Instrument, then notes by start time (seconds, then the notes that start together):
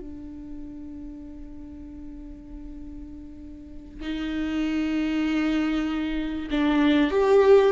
viola
0.00 D4
4.01 D#4
6.51 D4
7.11 G4